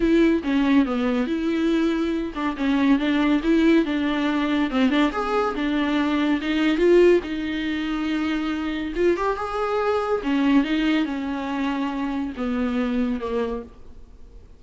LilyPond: \new Staff \with { instrumentName = "viola" } { \time 4/4 \tempo 4 = 141 e'4 cis'4 b4 e'4~ | e'4. d'8 cis'4 d'4 | e'4 d'2 c'8 d'8 | gis'4 d'2 dis'4 |
f'4 dis'2.~ | dis'4 f'8 g'8 gis'2 | cis'4 dis'4 cis'2~ | cis'4 b2 ais4 | }